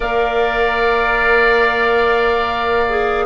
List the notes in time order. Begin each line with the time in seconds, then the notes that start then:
0.00 A#3 A#4 D5 F5
2.89 G#4